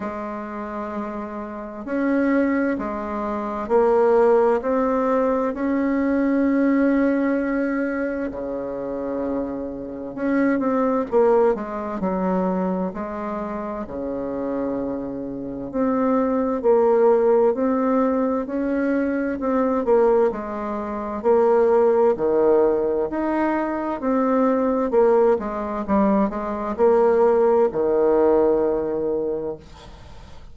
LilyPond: \new Staff \with { instrumentName = "bassoon" } { \time 4/4 \tempo 4 = 65 gis2 cis'4 gis4 | ais4 c'4 cis'2~ | cis'4 cis2 cis'8 c'8 | ais8 gis8 fis4 gis4 cis4~ |
cis4 c'4 ais4 c'4 | cis'4 c'8 ais8 gis4 ais4 | dis4 dis'4 c'4 ais8 gis8 | g8 gis8 ais4 dis2 | }